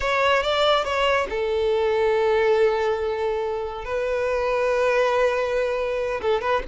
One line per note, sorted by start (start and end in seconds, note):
0.00 0.42 C#5
0.42 0.84 D5
0.84 1.27 C#5
1.29 3.85 A4
3.85 6.20 B4
6.21 6.41 A4
6.41 6.62 B4